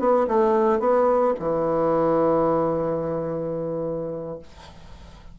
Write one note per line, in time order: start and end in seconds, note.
0.00 0.27 B3
0.28 0.80 A3
0.80 1.34 B3
1.40 4.40 E3